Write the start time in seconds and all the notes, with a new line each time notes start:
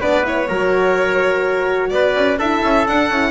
0.00 B3 D4 B4 D5
0.23 E4 C#5
0.48 F#3 F#4 A#4
1.89 B3 B4 D5
2.15 C#4
2.38 D4 E4 A4 E5
2.63 C#4
2.87 D4 F#5
3.10 C#4 E4